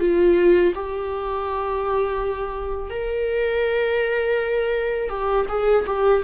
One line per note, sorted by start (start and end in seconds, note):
0.00 0.73 F4
0.75 2.90 G4
2.90 5.10 A#4
5.10 5.46 G4
5.49 5.86 G#4
5.87 6.24 G4